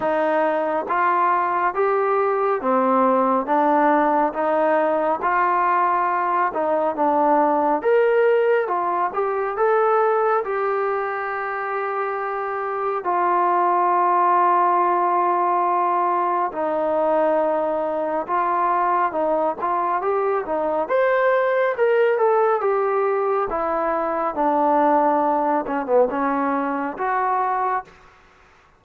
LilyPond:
\new Staff \with { instrumentName = "trombone" } { \time 4/4 \tempo 4 = 69 dis'4 f'4 g'4 c'4 | d'4 dis'4 f'4. dis'8 | d'4 ais'4 f'8 g'8 a'4 | g'2. f'4~ |
f'2. dis'4~ | dis'4 f'4 dis'8 f'8 g'8 dis'8 | c''4 ais'8 a'8 g'4 e'4 | d'4. cis'16 b16 cis'4 fis'4 | }